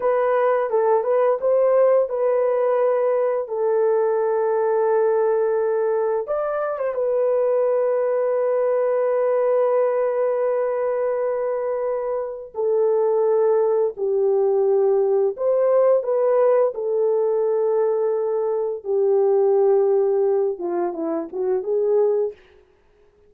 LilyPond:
\new Staff \with { instrumentName = "horn" } { \time 4/4 \tempo 4 = 86 b'4 a'8 b'8 c''4 b'4~ | b'4 a'2.~ | a'4 d''8. c''16 b'2~ | b'1~ |
b'2 a'2 | g'2 c''4 b'4 | a'2. g'4~ | g'4. f'8 e'8 fis'8 gis'4 | }